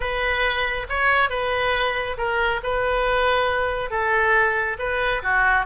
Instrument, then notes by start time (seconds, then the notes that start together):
oboe
0.00 B4
0.89 C#5
1.29 B4
2.17 A#4
2.63 B4
3.90 A4
4.78 B4
5.23 F#4